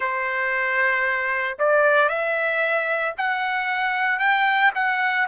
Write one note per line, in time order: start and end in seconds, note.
0.00 1.57 C5
1.58 2.09 D5
2.09 3.14 E5
3.17 4.19 F#5
4.19 4.71 G5
4.75 5.27 F#5